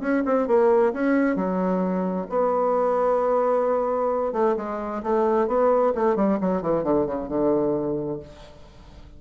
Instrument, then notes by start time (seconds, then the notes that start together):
bassoon
0.00 C#4
0.25 C4
0.47 A#3
0.93 C#4
1.35 F#3
2.29 B3
4.32 A3
4.56 G#3
5.03 A3
5.47 B3
5.95 A3
6.16 G3
6.40 F#3
6.61 E3
6.83 D3
7.06 C#3
7.28 D3